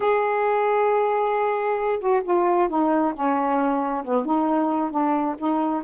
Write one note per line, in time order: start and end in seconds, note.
0.00 1.99 G#4
1.99 2.22 F#4
2.23 2.68 F4
2.68 3.13 D#4
3.14 4.04 C#4
4.04 4.25 B3
4.25 4.91 D#4
4.91 5.35 D4
5.38 5.82 D#4